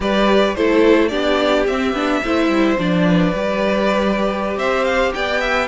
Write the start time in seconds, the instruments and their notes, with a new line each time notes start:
0.00 cello G3, viola G4, violin B4 D5
0.54 cello A3, viola E4, violin A4 C5
1.08 cello B3, viola D4, violin G4 D5
1.67 cello C4, viola C4, violin E5
1.92 cello B3, viola D4
2.24 cello A3, viola E4, violin C5
2.47 cello G3
2.78 cello F3, viola D4, violin D5
3.07 violin B4
3.33 cello G3, viola G4
4.56 cello C4, violin C5 E5
4.84 violin F5
5.14 cello B3, violin D5 G5
5.40 violin E5